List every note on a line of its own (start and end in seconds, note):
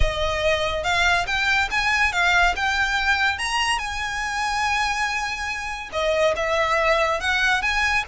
0.00 0.83 D#5
0.83 1.26 F5
1.26 1.69 G5
1.71 2.12 G#5
2.12 2.54 F5
2.56 3.38 G5
3.38 3.78 A#5
3.78 5.89 G#5
5.92 6.34 D#5
6.36 7.20 E5
7.20 7.62 F#5
7.62 8.04 G#5